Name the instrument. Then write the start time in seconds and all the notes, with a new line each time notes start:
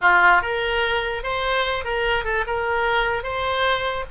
oboe
0.01 F4
0.42 A#4
1.23 C5
1.84 A#4
2.24 A4
2.46 A#4
3.23 C5